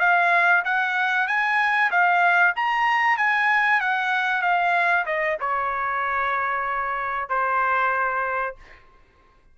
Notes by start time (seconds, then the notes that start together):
0.00 F5
0.65 F#5
1.27 G#5
1.91 F5
2.56 A#5
3.18 G#5
3.81 F#5
4.42 F5
5.06 D#5
5.40 C#5
7.29 C5